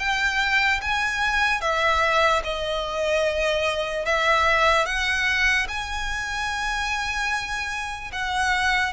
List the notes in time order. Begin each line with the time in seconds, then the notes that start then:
0.00 G5
0.82 G#5
1.61 E5
2.44 D#5
4.06 E5
4.86 F#5
5.68 G#5
8.13 F#5